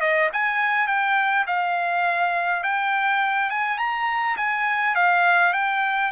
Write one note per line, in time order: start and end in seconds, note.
0.00 0.29 D#5
0.33 0.87 G#5
0.87 1.45 G5
1.46 2.63 F5
2.63 3.50 G5
3.50 3.78 G#5
3.78 4.36 A#5
4.37 4.95 G#5
4.95 5.53 F5
5.53 6.11 G5